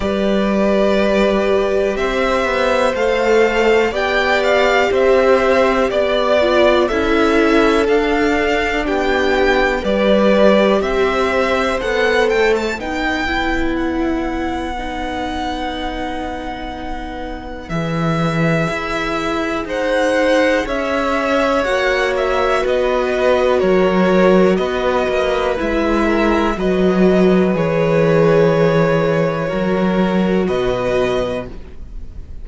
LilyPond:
<<
  \new Staff \with { instrumentName = "violin" } { \time 4/4 \tempo 4 = 61 d''2 e''4 f''4 | g''8 f''8 e''4 d''4 e''4 | f''4 g''4 d''4 e''4 | fis''8 g''16 a''16 g''4 fis''2~ |
fis''2 e''2 | fis''4 e''4 fis''8 e''8 dis''4 | cis''4 dis''4 e''4 dis''4 | cis''2. dis''4 | }
  \new Staff \with { instrumentName = "violin" } { \time 4/4 b'2 c''2 | d''4 c''4 d''4 a'4~ | a'4 g'4 b'4 c''4~ | c''4 b'2.~ |
b'1 | c''4 cis''2 b'4 | ais'4 b'4. ais'8 b'4~ | b'2 ais'4 b'4 | }
  \new Staff \with { instrumentName = "viola" } { \time 4/4 g'2. a'4 | g'2~ g'8 f'8 e'4 | d'2 g'2 | a'4 dis'8 e'4. dis'4~ |
dis'2 gis'2~ | gis'2 fis'2~ | fis'2 e'4 fis'4 | gis'2 fis'2 | }
  \new Staff \with { instrumentName = "cello" } { \time 4/4 g2 c'8 b8 a4 | b4 c'4 b4 cis'4 | d'4 b4 g4 c'4 | b8 a8 b2.~ |
b2 e4 e'4 | dis'4 cis'4 ais4 b4 | fis4 b8 ais8 gis4 fis4 | e2 fis4 b,4 | }
>>